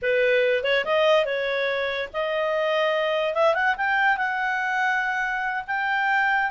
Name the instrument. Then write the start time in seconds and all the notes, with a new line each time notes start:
clarinet
0.02 B4
0.63 C#5
0.84 D#5
1.25 C#5
2.13 D#5
3.34 E5
3.54 F#5
3.77 G5
4.17 F#5
5.67 G5